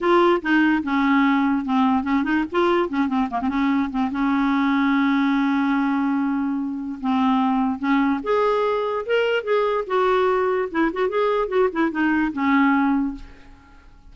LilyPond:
\new Staff \with { instrumentName = "clarinet" } { \time 4/4 \tempo 4 = 146 f'4 dis'4 cis'2 | c'4 cis'8 dis'8 f'4 cis'8 c'8 | ais16 c'16 cis'4 c'8 cis'2~ | cis'1~ |
cis'4 c'2 cis'4 | gis'2 ais'4 gis'4 | fis'2 e'8 fis'8 gis'4 | fis'8 e'8 dis'4 cis'2 | }